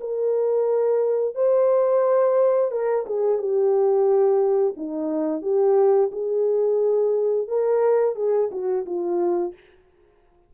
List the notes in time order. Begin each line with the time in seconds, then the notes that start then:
0.00 A#4
1.35 C5
2.71 A#4
3.06 G#4
3.38 G4
4.76 D#4
5.42 G4
6.12 G#4
7.48 A#4
8.15 G#4
8.51 F#4
8.85 F4